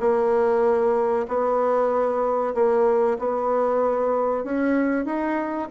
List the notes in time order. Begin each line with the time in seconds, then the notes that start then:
0.00 A#3
1.28 B3
2.54 A#3
3.19 B3
4.44 C#4
5.05 D#4